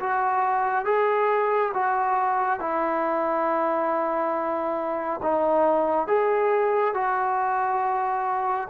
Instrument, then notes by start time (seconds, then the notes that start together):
trombone
0.00 F#4
0.85 G#4
1.74 F#4
2.60 E4
5.23 D#4
6.08 G#4
6.94 F#4